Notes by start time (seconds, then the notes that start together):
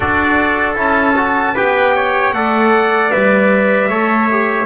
0.00 D4 F#4 A4 D5
0.75 C#4 E4 A5
1.16 F#4
1.54 B3 G4 B4 G5
1.95 C#5
2.32 A3 A4 D5 F#5
3.11 G3 B4 E5
3.89 A3 A4 C#5
4.30 G4